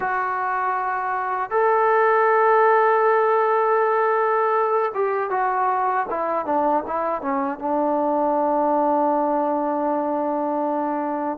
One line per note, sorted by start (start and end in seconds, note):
0.00 1.50 F#4
1.50 4.92 A4
4.94 5.30 G4
5.30 6.06 F#4
6.10 6.45 E4
6.45 6.83 D4
6.86 7.21 E4
7.21 7.58 C#4
7.58 11.38 D4